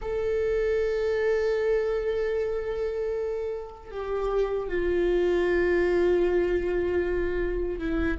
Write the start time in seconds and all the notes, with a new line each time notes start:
0.01 A4
3.91 G4
4.68 F4
7.78 E4